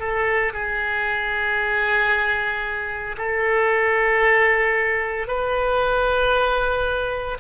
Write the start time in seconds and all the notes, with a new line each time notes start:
0.00 A4
0.53 G#4
3.17 A4
5.27 B4